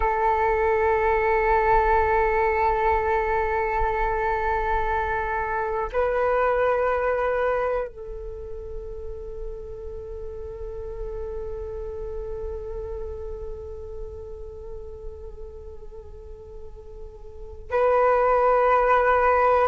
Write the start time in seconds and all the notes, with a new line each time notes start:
0.00 A4
5.92 B4
7.87 A4
17.70 B4